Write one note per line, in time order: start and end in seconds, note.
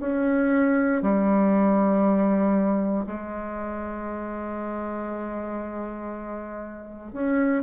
0.00 1.02 C#4
1.02 3.05 G3
3.06 7.12 G#3
7.12 7.63 C#4